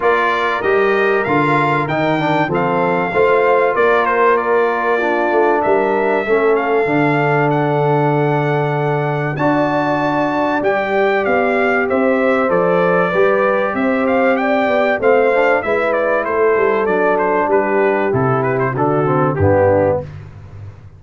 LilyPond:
<<
  \new Staff \with { instrumentName = "trumpet" } { \time 4/4 \tempo 4 = 96 d''4 dis''4 f''4 g''4 | f''2 d''8 c''8 d''4~ | d''4 e''4. f''4. | fis''2. a''4~ |
a''4 g''4 f''4 e''4 | d''2 e''8 f''8 g''4 | f''4 e''8 d''8 c''4 d''8 c''8 | b'4 a'8 b'16 c''16 a'4 g'4 | }
  \new Staff \with { instrumentName = "horn" } { \time 4/4 ais'1 | a'4 c''4 ais'2 | f'4 ais'4 a'2~ | a'2. d''4~ |
d''2. c''4~ | c''4 b'4 c''4 d''4 | c''4 b'4 a'2 | g'2 fis'4 d'4 | }
  \new Staff \with { instrumentName = "trombone" } { \time 4/4 f'4 g'4 f'4 dis'8 d'8 | c'4 f'2. | d'2 cis'4 d'4~ | d'2. fis'4~ |
fis'4 g'2. | a'4 g'2. | c'8 d'8 e'2 d'4~ | d'4 e'4 d'8 c'8 b4 | }
  \new Staff \with { instrumentName = "tuba" } { \time 4/4 ais4 g4 d4 dis4 | f4 a4 ais2~ | ais8 a8 g4 a4 d4~ | d2. d'4~ |
d'4 g4 b4 c'4 | f4 g4 c'4. b8 | a4 gis4 a8 g8 fis4 | g4 c4 d4 g,4 | }
>>